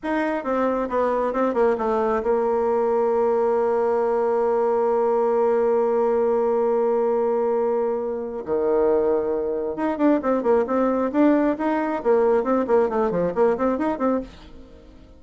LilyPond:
\new Staff \with { instrumentName = "bassoon" } { \time 4/4 \tempo 4 = 135 dis'4 c'4 b4 c'8 ais8 | a4 ais2.~ | ais1~ | ais1~ |
ais2. dis4~ | dis2 dis'8 d'8 c'8 ais8 | c'4 d'4 dis'4 ais4 | c'8 ais8 a8 f8 ais8 c'8 dis'8 c'8 | }